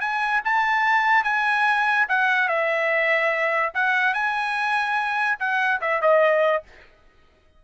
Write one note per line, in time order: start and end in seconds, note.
0.00 0.41 G#5
0.45 1.24 A5
1.24 2.07 G#5
2.09 2.48 F#5
2.48 3.72 E5
3.74 4.14 F#5
4.14 5.38 G#5
5.39 5.81 F#5
5.81 6.01 E5
6.01 6.63 D#5